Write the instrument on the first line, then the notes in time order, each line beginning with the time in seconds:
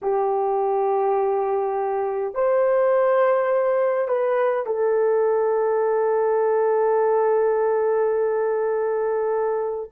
horn
0.02 G4
2.34 C5
4.08 B4
4.66 A4